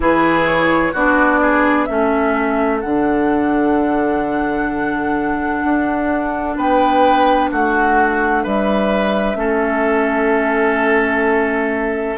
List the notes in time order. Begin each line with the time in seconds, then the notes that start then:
0.00 E3 E4 G#4 B4
0.46 C#5
0.92 B3 D4 F#4 D5
1.42 G#4
1.85 A3 C#4 A4 E5
2.80 D3 D4 F#5
5.64 D4
6.56 B3 B4 G5
7.51 A3 F#4 F#5
8.43 G3 B4 E5
9.35 A3 C#4 A4